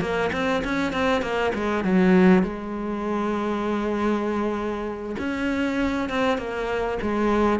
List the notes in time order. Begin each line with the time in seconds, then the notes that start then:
0.00 A#3
0.32 C4
0.64 C#4
0.92 C4
1.21 A#3
1.54 G#3
1.84 F#3
2.42 G#3
5.18 C#4
6.09 C4
6.37 A#3
7.01 G#3